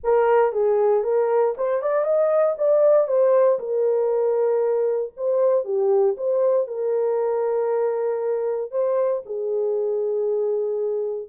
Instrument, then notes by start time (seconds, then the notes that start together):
horn
0.03 A#4
0.52 G#4
1.03 A#4
1.57 C5
1.82 D5
2.04 D#5
2.58 D5
3.07 C5
3.59 A#4
5.17 C5
5.64 G4
6.17 C5
6.67 A#4
8.71 C5
9.25 G#4